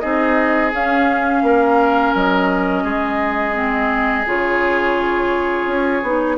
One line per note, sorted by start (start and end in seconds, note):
0.00 0.73 C4
0.00 0.72 D#4
0.00 1.43 G#4
0.00 0.71 D#5
0.72 3.54 C#4
0.72 1.42 C#4
0.72 2.15 F5
1.42 2.13 A#3
1.42 2.83 A#4
2.15 2.84 F#3
2.15 4.27 D#5
2.83 4.25 G#3
2.83 6.36 G#4
3.54 4.24 C4
4.26 5.67 C#3
4.26 6.03 F4
4.26 6.38 C#5
5.67 6.02 C#4
6.02 6.38 B3
6.02 6.38 D#4